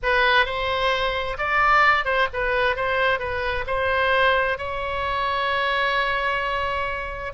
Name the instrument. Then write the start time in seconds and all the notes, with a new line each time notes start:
oboe
0.02 B4
0.45 C5
1.38 D5
2.04 C5
2.33 B4
2.76 C5
3.19 B4
3.66 C5
4.58 C#5